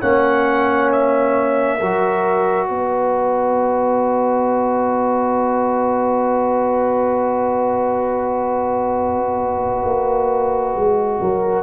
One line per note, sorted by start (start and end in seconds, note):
0.00 1.81 A#3
0.00 1.80 C#4
0.00 1.78 C#5
0.00 0.90 F#5
0.92 2.67 E5
1.78 2.69 F#3
1.78 11.62 F#4
1.78 2.68 A#4
2.67 9.85 B3
2.67 11.19 B4
2.67 11.62 D#5
9.85 10.74 A#3
10.75 11.20 G#3
11.20 11.62 F#3
11.20 11.62 A#4